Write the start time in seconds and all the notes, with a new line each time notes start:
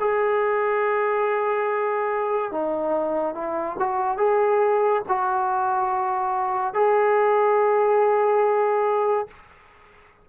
0.00 G#4
2.52 D#4
3.35 E4
3.79 F#4
4.18 G#4
5.08 F#4
6.74 G#4